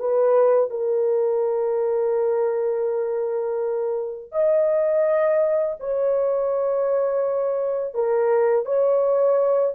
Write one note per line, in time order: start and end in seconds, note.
0.00 0.71 B4
0.71 4.32 A#4
4.32 5.77 D#5
5.80 7.95 C#5
7.95 8.66 A#4
8.66 9.75 C#5